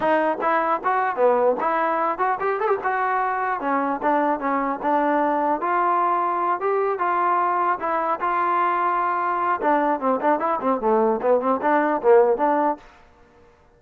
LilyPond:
\new Staff \with { instrumentName = "trombone" } { \time 4/4 \tempo 4 = 150 dis'4 e'4 fis'4 b4 | e'4. fis'8 g'8 a'16 g'16 fis'4~ | fis'4 cis'4 d'4 cis'4 | d'2 f'2~ |
f'8 g'4 f'2 e'8~ | e'8 f'2.~ f'8 | d'4 c'8 d'8 e'8 c'8 a4 | b8 c'8 d'4 ais4 d'4 | }